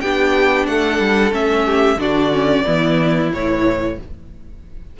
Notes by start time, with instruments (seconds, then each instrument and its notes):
0.00 cello B3, viola D4, violin G4 G5
0.66 cello A3, violin A4 F#5
0.99 cello G3
1.31 cello A3, viola C#4, violin E5
1.65 violin G4
1.96 cello D3, viola D4, violin F#4 D5
2.32 viola C#4
2.65 cello E3, viola B3, violin E4
3.32 cello A2, viola E3, violin C#5